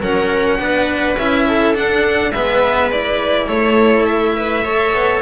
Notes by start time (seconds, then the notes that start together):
0.00 F#3 C#4 A#4 F#5
0.59 B3 D4 B4
1.17 C#4 E4 E5
1.47 A4
1.74 D4 F#5
2.31 G#3 B3 B4 E5
2.91 E4 D5
3.47 A3 A4 C#5
4.05 E5
4.36 B4
4.64 A4 C#5
4.93 B3